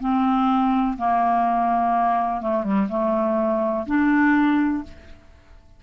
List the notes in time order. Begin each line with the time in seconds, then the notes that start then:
0.00 C4
0.98 A#3
2.41 A3
2.63 G3
2.89 A3
3.86 D4